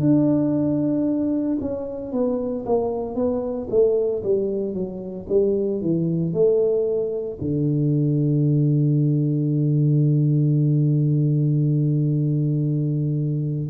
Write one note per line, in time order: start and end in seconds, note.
0.00 1.58 D4
1.61 2.12 C#4
2.12 2.65 B3
2.66 3.15 A#3
3.15 3.67 B3
3.70 4.22 A3
4.23 4.74 G3
4.74 5.26 F#3
5.29 5.81 G3
5.81 6.33 E3
6.33 7.38 A3
7.41 13.69 D3